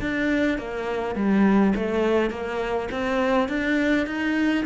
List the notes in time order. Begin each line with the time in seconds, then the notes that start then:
0.00 D4
0.58 A#3
1.15 G3
1.75 A3
2.30 A#3
2.91 C4
3.48 D4
4.06 D#4